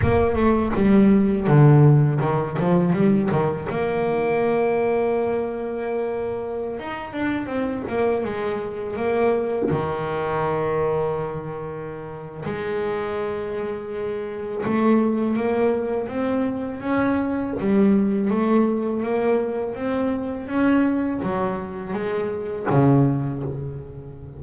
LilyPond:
\new Staff \with { instrumentName = "double bass" } { \time 4/4 \tempo 4 = 82 ais8 a8 g4 d4 dis8 f8 | g8 dis8 ais2.~ | ais4~ ais16 dis'8 d'8 c'8 ais8 gis8.~ | gis16 ais4 dis2~ dis8.~ |
dis4 gis2. | a4 ais4 c'4 cis'4 | g4 a4 ais4 c'4 | cis'4 fis4 gis4 cis4 | }